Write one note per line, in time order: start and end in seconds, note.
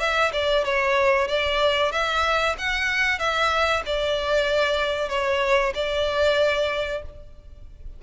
0.00 0.32 E5
0.33 0.65 D5
0.65 1.28 C#5
1.28 1.92 D5
1.92 2.56 E5
2.58 3.19 F#5
3.19 3.83 E5
3.86 5.09 D5
5.09 5.73 C#5
5.75 7.02 D5